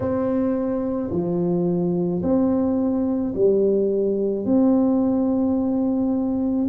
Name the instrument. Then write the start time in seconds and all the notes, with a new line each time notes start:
tuba
0.00 C4
1.11 F3
2.22 C4
3.34 G3
4.44 C4